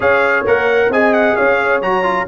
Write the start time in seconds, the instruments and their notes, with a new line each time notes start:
0.00 tuba C#4, trombone G#4, horn C#5, trumpet F5
0.46 tuba A#3, trombone A#4, trumpet F#5
0.88 tuba C4, trombone G#4, horn D#5, trumpet G#5
1.13 trumpet F#5
1.36 tuba C#4, horn C#5, trumpet F5
1.81 tuba F#3, trombone F#4, trumpet A#5
2.03 trombone F4